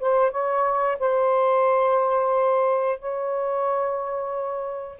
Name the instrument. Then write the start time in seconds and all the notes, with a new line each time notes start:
saxophone
0.00 C5
0.31 C#5
0.99 C5
2.99 C#5